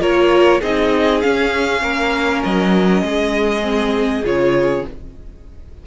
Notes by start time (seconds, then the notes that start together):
0.00 A#3 F4 A#4 C#5
0.60 C4 D#4 G#4 D#5
1.21 C#4 F5
1.82 A#3 A#4
2.44 F#3 D#5
3.02 G#3 G#4
3.62 C4
4.24 C#3 F4 C#5